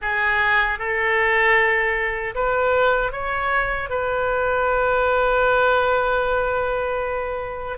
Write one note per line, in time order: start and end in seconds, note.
0.01 0.78 G#4
0.78 2.34 A4
2.34 3.12 B4
3.12 3.89 C#5
3.89 7.78 B4